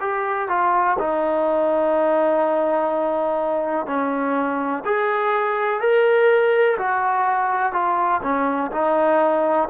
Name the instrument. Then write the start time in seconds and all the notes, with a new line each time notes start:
trombone
0.00 G4
0.48 F4
0.99 D#4
3.86 C#4
4.85 G#4
5.80 A#4
6.78 F#4
7.72 F4
8.23 C#4
8.71 D#4